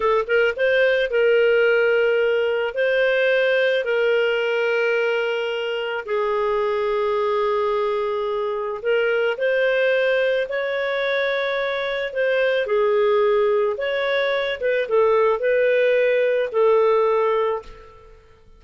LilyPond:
\new Staff \with { instrumentName = "clarinet" } { \time 4/4 \tempo 4 = 109 a'8 ais'8 c''4 ais'2~ | ais'4 c''2 ais'4~ | ais'2. gis'4~ | gis'1 |
ais'4 c''2 cis''4~ | cis''2 c''4 gis'4~ | gis'4 cis''4. b'8 a'4 | b'2 a'2 | }